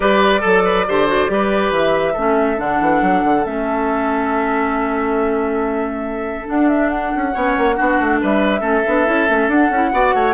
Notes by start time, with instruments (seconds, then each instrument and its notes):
0.00 bassoon G3, clarinet G4, oboe B4, flute D5
0.40 bassoon F#3, oboe A4, clarinet A4
0.64 oboe B4
0.87 bassoon D3, clarinet G4, oboe C5
1.07 clarinet F#4
1.28 bassoon G3, clarinet G4, oboe B4
1.70 bassoon E3
1.77 flute E5
2.13 bassoon A3, clarinet C#4, oboe A4
2.56 bassoon D3, clarinet D4, flute F#5
2.80 bassoon E3
3.01 bassoon F#3
3.24 bassoon D3
3.44 bassoon A3, clarinet C#4, flute E5
6.45 clarinet D4, bassoon D4, flute F#5
6.68 flute E5
6.89 flute F#5
7.15 bassoon C#4
7.31 bassoon B3, clarinet C#4, oboe C#5
7.57 bassoon A#3
7.76 bassoon B3, clarinet D4, oboe F#4
8.00 bassoon A3
8.21 bassoon G3, oboe B4, flute E5
8.60 bassoon A3, clarinet C#4, oboe A4
8.86 bassoon B3, clarinet D4
9.05 bassoon C#4, clarinet E4
9.28 bassoon A3, clarinet C#4
9.47 bassoon D4, clarinet D4, flute F#5
9.70 bassoon C#4, clarinet E4
9.92 bassoon B3, clarinet F#4, oboe D5
10.14 bassoon A3, oboe C#5